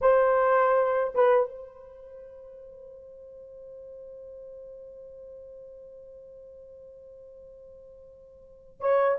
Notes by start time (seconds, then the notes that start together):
0.01 C5
1.15 B4
1.49 C5
8.80 C#5